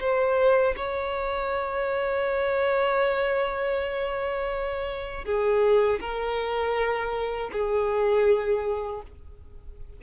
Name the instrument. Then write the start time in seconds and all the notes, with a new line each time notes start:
violin
0.00 C5
0.76 C#5
5.25 G#4
6.00 A#4
7.52 G#4